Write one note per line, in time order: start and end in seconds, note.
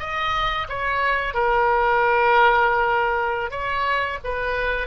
0.00 0.67 D#5
0.69 1.34 C#5
1.34 3.51 A#4
3.51 4.19 C#5
4.24 4.88 B4